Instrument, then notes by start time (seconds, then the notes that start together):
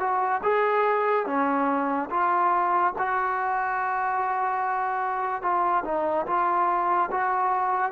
trombone
0.00 F#4
0.44 G#4
1.27 C#4
2.11 F4
2.98 F#4
5.42 F4
5.85 D#4
6.27 F4
7.12 F#4